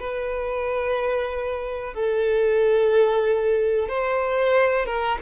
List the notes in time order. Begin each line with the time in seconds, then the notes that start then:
0.00 B4
1.94 A4
3.89 C5
4.86 A#4